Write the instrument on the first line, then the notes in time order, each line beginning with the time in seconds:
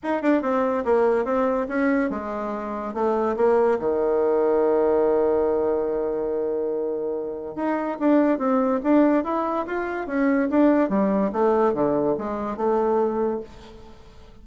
bassoon
0.03 D#4
0.22 D4
0.42 C4
0.84 A#3
1.25 C4
1.68 C#4
2.10 G#3
2.94 A3
3.36 A#3
3.79 D#3
7.55 D#4
7.99 D4
8.38 C4
8.83 D4
9.24 E4
9.66 F4
10.06 C#4
10.50 D4
10.89 G3
11.32 A3
11.73 D3
12.18 G#3
12.56 A3